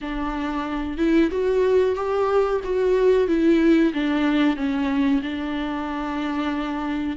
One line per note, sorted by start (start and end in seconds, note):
0.01 0.97 D4
0.97 1.30 E4
1.30 1.95 F#4
1.95 2.61 G4
2.64 3.27 F#4
3.27 3.92 E4
3.93 4.56 D4
4.56 5.21 C#4
5.22 7.17 D4